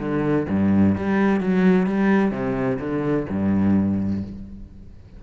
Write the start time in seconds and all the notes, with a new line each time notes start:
0.00 D3
0.50 G2
0.96 G3
1.41 F#3
1.87 G3
2.32 C3
2.80 D3
3.30 G2